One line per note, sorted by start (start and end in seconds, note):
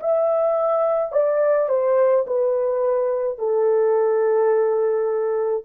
0.00 1.12 E5
1.12 1.69 D5
1.69 2.25 C5
2.27 3.39 B4
3.39 5.65 A4